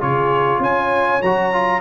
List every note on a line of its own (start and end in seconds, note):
0.00 0.59 C#3
0.00 1.21 F4
0.00 0.60 G#4
0.00 0.62 C#5
0.59 1.19 C#4
0.59 1.81 C#5
0.59 1.22 G#5
1.22 1.81 F#3
1.22 1.52 F#4
1.22 1.81 A#5
1.52 1.81 F4